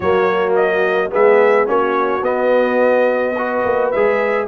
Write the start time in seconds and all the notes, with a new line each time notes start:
0.00 F#3 A#3 F#4 C#5
0.55 D#5
1.10 G#3 B3 G#4 E5
1.65 A#3 C#4 F#4 C#5
2.22 B3 D#5
3.36 F#4 B4
3.64 A#3
3.91 G#3 G#4 E5